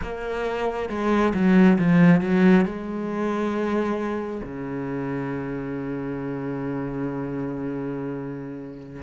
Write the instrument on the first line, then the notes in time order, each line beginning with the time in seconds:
cello
0.02 A#3
0.89 G#3
1.34 F#3
1.78 F3
2.21 F#3
2.65 G#3
4.42 C#3